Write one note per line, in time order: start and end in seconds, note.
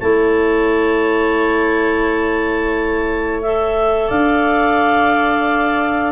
0.00 4.10 A3
0.00 3.42 E4
0.00 4.08 C#5
0.00 3.41 A5
3.42 6.12 A4
3.42 4.10 E5
4.08 6.12 D4
4.08 6.12 D5
4.08 6.12 F5